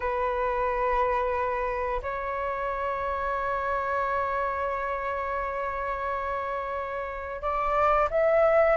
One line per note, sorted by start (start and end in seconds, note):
0.00 2.01 B4
2.02 7.41 C#5
7.41 8.09 D5
8.10 8.76 E5